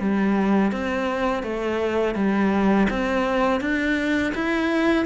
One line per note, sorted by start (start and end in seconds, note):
0.00 0.72 G3
0.72 1.43 C4
1.43 2.15 A3
2.15 2.88 G3
2.90 3.61 C4
3.61 4.33 D4
4.35 5.06 E4